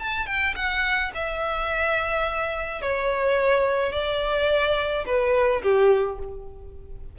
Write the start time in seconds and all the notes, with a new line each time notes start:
0.00 A5
0.27 G5
0.56 F#5
1.14 E5
2.82 C#5
3.93 D5
5.06 B4
5.63 G4